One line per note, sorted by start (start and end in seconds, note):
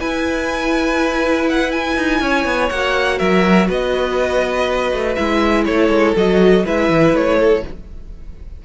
0.00 1.97 E4
0.00 2.72 E4
0.00 2.21 B4
0.00 1.48 G#5
1.49 1.72 F#5
1.72 2.70 G#5
1.97 2.21 D#4
2.21 2.45 C#4
2.21 3.18 C#5
2.45 2.70 B3
2.70 3.20 A#3
2.70 5.18 F#4
2.70 3.19 F#5
3.18 3.69 F#3
3.18 3.67 A#4
3.18 3.68 E5
3.68 4.92 B3
3.68 5.65 B4
3.68 5.15 D#5
4.93 5.17 A3
5.15 5.68 G#3
5.15 6.16 E4
5.15 5.64 E5
5.66 5.89 A3
5.66 6.65 A4
5.66 6.15 C#5
5.89 6.14 G#3
6.17 6.66 F#3
6.17 6.66 F#4
6.17 6.66 D#5
6.65 6.89 G#3
6.65 7.64 E4
6.65 7.39 B4
6.65 7.16 E5
6.89 7.14 E3
7.14 7.63 A3
7.14 7.65 C#5
7.39 7.64 A4